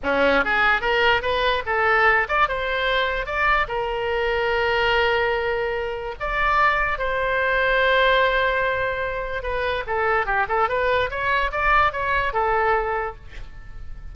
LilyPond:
\new Staff \with { instrumentName = "oboe" } { \time 4/4 \tempo 4 = 146 cis'4 gis'4 ais'4 b'4 | a'4. d''8 c''2 | d''4 ais'2.~ | ais'2. d''4~ |
d''4 c''2.~ | c''2. b'4 | a'4 g'8 a'8 b'4 cis''4 | d''4 cis''4 a'2 | }